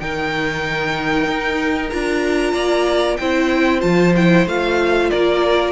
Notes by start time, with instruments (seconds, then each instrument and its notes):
0.00 cello D#3, viola D#4, violin A#4 G5
1.28 cello D#4
1.90 cello D4, viola F4, violin A#5
2.53 cello A#3, violin D5
3.17 cello C4, viola E4, violin C5 G5
3.81 cello F3, viola F4, violin A5
4.16 viola E4, violin G5
4.47 cello A3, viola F4, violin F5
5.10 cello A#3, violin A#4 D5